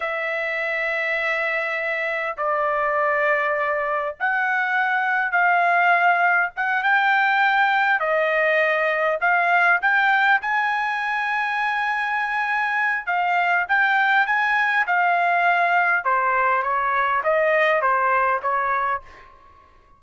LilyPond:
\new Staff \with { instrumentName = "trumpet" } { \time 4/4 \tempo 4 = 101 e''1 | d''2. fis''4~ | fis''4 f''2 fis''8 g''8~ | g''4. dis''2 f''8~ |
f''8 g''4 gis''2~ gis''8~ | gis''2 f''4 g''4 | gis''4 f''2 c''4 | cis''4 dis''4 c''4 cis''4 | }